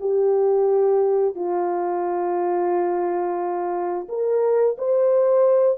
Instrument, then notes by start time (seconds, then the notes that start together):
horn
0.00 G4
1.35 F4
4.08 A#4
4.78 C5